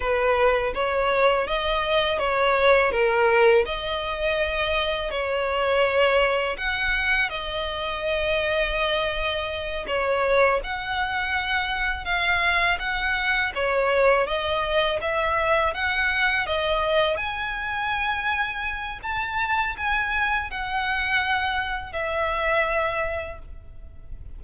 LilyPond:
\new Staff \with { instrumentName = "violin" } { \time 4/4 \tempo 4 = 82 b'4 cis''4 dis''4 cis''4 | ais'4 dis''2 cis''4~ | cis''4 fis''4 dis''2~ | dis''4. cis''4 fis''4.~ |
fis''8 f''4 fis''4 cis''4 dis''8~ | dis''8 e''4 fis''4 dis''4 gis''8~ | gis''2 a''4 gis''4 | fis''2 e''2 | }